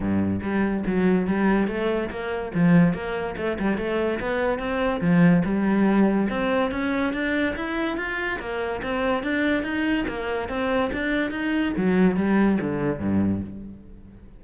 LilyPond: \new Staff \with { instrumentName = "cello" } { \time 4/4 \tempo 4 = 143 g,4 g4 fis4 g4 | a4 ais4 f4 ais4 | a8 g8 a4 b4 c'4 | f4 g2 c'4 |
cis'4 d'4 e'4 f'4 | ais4 c'4 d'4 dis'4 | ais4 c'4 d'4 dis'4 | fis4 g4 d4 g,4 | }